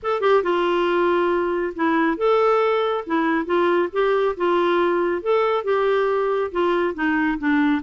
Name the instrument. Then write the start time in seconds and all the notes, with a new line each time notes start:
clarinet
0.02 A4
0.21 G4
0.43 F4
1.75 E4
2.17 A4
3.06 E4
3.45 F4
3.92 G4
4.37 F4
5.22 A4
5.64 G4
6.51 F4
6.94 D#4
7.38 D4